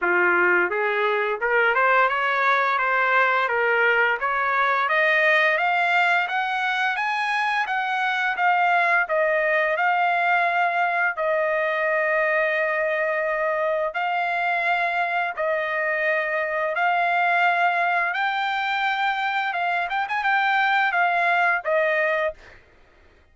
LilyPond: \new Staff \with { instrumentName = "trumpet" } { \time 4/4 \tempo 4 = 86 f'4 gis'4 ais'8 c''8 cis''4 | c''4 ais'4 cis''4 dis''4 | f''4 fis''4 gis''4 fis''4 | f''4 dis''4 f''2 |
dis''1 | f''2 dis''2 | f''2 g''2 | f''8 g''16 gis''16 g''4 f''4 dis''4 | }